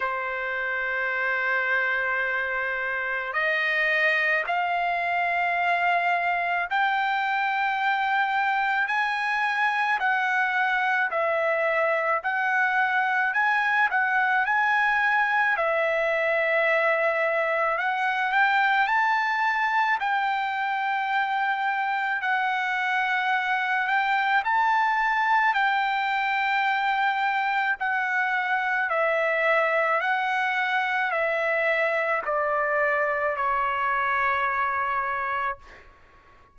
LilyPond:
\new Staff \with { instrumentName = "trumpet" } { \time 4/4 \tempo 4 = 54 c''2. dis''4 | f''2 g''2 | gis''4 fis''4 e''4 fis''4 | gis''8 fis''8 gis''4 e''2 |
fis''8 g''8 a''4 g''2 | fis''4. g''8 a''4 g''4~ | g''4 fis''4 e''4 fis''4 | e''4 d''4 cis''2 | }